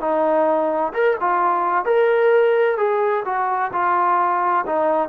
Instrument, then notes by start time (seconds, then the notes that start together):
trombone
0.00 D#4
0.93 A#4
1.20 F4
1.85 A#4
2.77 G#4
3.25 F#4
3.72 F4
4.66 D#4